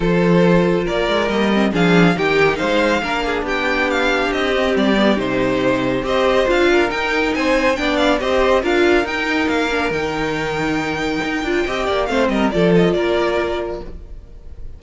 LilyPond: <<
  \new Staff \with { instrumentName = "violin" } { \time 4/4 \tempo 4 = 139 c''2 d''4 dis''4 | f''4 g''4 f''2 | g''4 f''4 dis''4 d''4 | c''2 dis''4 f''4 |
g''4 gis''4 g''8 f''8 dis''4 | f''4 g''4 f''4 g''4~ | g''1 | f''8 dis''8 d''8 dis''8 d''2 | }
  \new Staff \with { instrumentName = "violin" } { \time 4/4 a'2 ais'2 | gis'4 g'4 c''4 ais'8 gis'8 | g'1~ | g'2 c''4. ais'8~ |
ais'4 c''4 d''4 c''4 | ais'1~ | ais'2. dis''8 d''8 | c''8 ais'8 a'4 ais'2 | }
  \new Staff \with { instrumentName = "viola" } { \time 4/4 f'2. ais8 c'8 | d'4 dis'2 d'4~ | d'2~ d'8 c'4 b8 | dis'2 g'4 f'4 |
dis'2 d'4 g'4 | f'4 dis'4. d'8 dis'4~ | dis'2~ dis'8 f'8 g'4 | c'4 f'2. | }
  \new Staff \with { instrumentName = "cello" } { \time 4/4 f2 ais8 gis8 g4 | f4 dis4 gis4 ais4 | b2 c'4 g4 | c2 c'4 d'4 |
dis'4 c'4 b4 c'4 | d'4 dis'4 ais4 dis4~ | dis2 dis'8 d'8 c'8 ais8 | a8 g8 f4 ais2 | }
>>